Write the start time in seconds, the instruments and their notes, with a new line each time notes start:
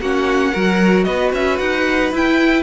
0.00 cello A#3, viola C#4, violin F#4 F#5
0.52 cello F#3, viola F#4, violin A#4
1.04 cello B3, violin B4 D#5
1.33 cello C#4, violin E5
1.58 cello D#4, violin F#5
2.12 cello E4, viola E4, violin G5